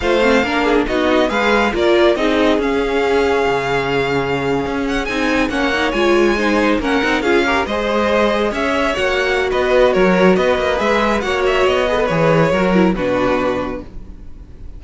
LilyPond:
<<
  \new Staff \with { instrumentName = "violin" } { \time 4/4 \tempo 4 = 139 f''2 dis''4 f''4 | d''4 dis''4 f''2~ | f''2.~ f''16 fis''8 gis''16~ | gis''8. fis''4 gis''2 fis''16~ |
fis''8. f''4 dis''2 e''16~ | e''8. fis''4~ fis''16 dis''4 cis''4 | dis''4 e''4 fis''8 e''8 dis''4 | cis''2 b'2 | }
  \new Staff \with { instrumentName = "violin" } { \time 4/4 c''4 ais'8 gis'8 fis'4 b'4 | ais'4 gis'2.~ | gis'1~ | gis'8. cis''2 c''4 ais'16~ |
ais'8. gis'8 ais'8 c''2 cis''16~ | cis''2 b'4 ais'4 | b'2 cis''4. b'8~ | b'4 ais'4 fis'2 | }
  \new Staff \with { instrumentName = "viola" } { \time 4/4 f'8 c'8 d'4 dis'4 gis'4 | f'4 dis'4 cis'2~ | cis'2.~ cis'8. dis'16~ | dis'8. cis'8 dis'8 f'4 dis'4 cis'16~ |
cis'16 dis'8 f'8 g'8 gis'2~ gis'16~ | gis'8. fis'2.~ fis'16~ | fis'4 gis'4 fis'4. gis'16 a'16 | gis'4 fis'8 e'8 d'2 | }
  \new Staff \with { instrumentName = "cello" } { \time 4/4 a4 ais4 b4 gis4 | ais4 c'4 cis'2 | cis2~ cis8. cis'4 c'16~ | c'8. ais4 gis2 ais16~ |
ais16 c'8 cis'4 gis2 cis'16~ | cis'8. ais4~ ais16 b4 fis4 | b8 ais8 gis4 ais4 b4 | e4 fis4 b,2 | }
>>